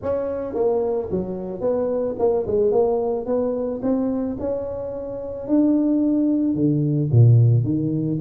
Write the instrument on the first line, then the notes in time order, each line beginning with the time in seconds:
tuba
0.02 C#4
0.54 A#3
1.10 F#3
1.61 B3
2.18 A#3
2.46 G#3
2.71 A#3
3.26 B3
3.82 C4
4.39 C#4
5.47 D4
6.54 D3
7.11 A#2
7.64 D#3